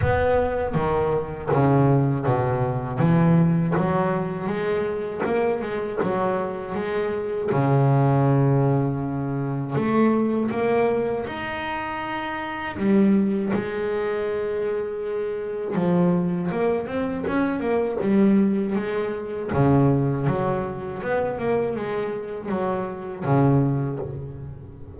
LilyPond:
\new Staff \with { instrumentName = "double bass" } { \time 4/4 \tempo 4 = 80 b4 dis4 cis4 b,4 | e4 fis4 gis4 ais8 gis8 | fis4 gis4 cis2~ | cis4 a4 ais4 dis'4~ |
dis'4 g4 gis2~ | gis4 f4 ais8 c'8 cis'8 ais8 | g4 gis4 cis4 fis4 | b8 ais8 gis4 fis4 cis4 | }